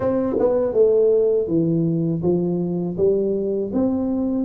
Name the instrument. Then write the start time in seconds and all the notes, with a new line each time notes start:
tuba
0.00 C4
0.39 B3
0.73 A3
1.47 E3
2.22 F3
2.97 G3
3.73 C4